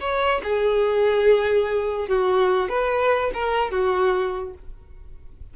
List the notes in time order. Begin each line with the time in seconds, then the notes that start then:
0.00 C#5
0.44 G#4
2.08 F#4
2.69 B4
3.34 A#4
3.71 F#4